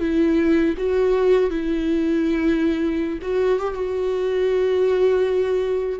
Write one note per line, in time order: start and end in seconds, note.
0.00 0.75 E4
0.78 1.50 F#4
1.50 3.19 E4
3.22 3.60 F#4
3.60 3.75 G4
3.75 6.00 F#4